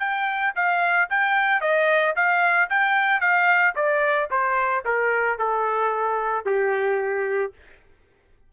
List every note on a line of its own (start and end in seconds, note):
0.00 0.54 G5
0.56 1.09 F5
1.11 1.61 G5
1.61 2.15 D#5
2.16 2.70 F5
2.70 3.21 G5
3.21 3.75 F5
3.76 4.30 D5
4.31 4.85 C5
4.85 5.39 A#4
5.39 6.46 A4
6.46 7.53 G4